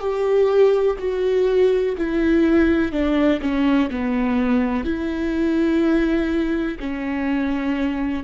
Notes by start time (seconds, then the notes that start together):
0.00 G4
0.99 F#4
1.98 E4
2.93 D4
3.41 C#4
3.91 B3
4.85 E4
6.80 C#4